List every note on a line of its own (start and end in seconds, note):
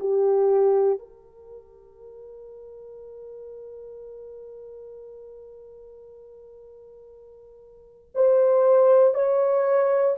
0.00 0.99 G4
0.99 8.11 A#4
8.15 9.14 C5
9.14 10.16 C#5